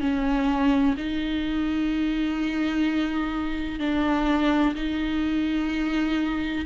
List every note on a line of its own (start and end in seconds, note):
0.00 0.95 C#4
0.97 3.80 D#4
3.80 4.75 D4
4.75 6.65 D#4